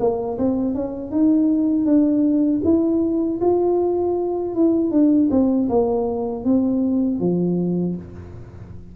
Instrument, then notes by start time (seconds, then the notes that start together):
tuba
0.00 A#3
0.39 C4
0.75 C#4
1.11 D#4
1.86 D4
2.64 E4
3.41 F4
4.55 E4
4.92 D4
5.31 C4
5.70 A#3
6.45 C4
7.20 F3